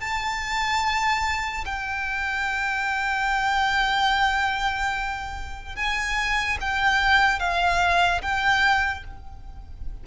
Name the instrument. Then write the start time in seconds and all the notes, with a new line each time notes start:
violin
0.00 A5
1.66 G5
5.76 G#5
6.61 G5
7.39 F5
8.22 G5